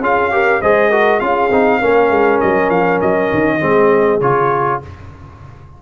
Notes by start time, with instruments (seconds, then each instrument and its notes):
0.00 tuba C#4, trombone F4, horn G#4, trumpet F5
0.31 trombone G4, horn A#4
0.61 tuba G#3, trombone G#4, horn C5, trumpet D#5
0.90 trombone F#4, horn A#4
1.20 tuba C#4, trombone F4, horn G#4, trumpet F5
1.51 tuba C4, trombone D#4
1.79 tuba A#3, trombone C#4, horn A#4
2.09 tuba G#3
2.40 tuba F#3, trumpet D#5
2.69 tuba F3, trumpet F5
3.01 tuba F#3, trumpet D#5
3.33 tuba D#3
3.60 tuba G#3, trombone C4, horn G#4
4.20 tuba C#3, trombone F4, trumpet C#5